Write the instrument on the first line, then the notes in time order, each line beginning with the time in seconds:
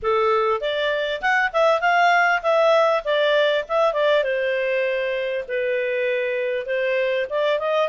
clarinet
0.02 A4
0.60 D5
1.21 F#5
1.53 E5
1.80 F5
2.42 E5
3.04 D5
3.68 E5
3.93 D5
4.23 C5
5.48 B4
6.65 C5
7.29 D5
7.59 D#5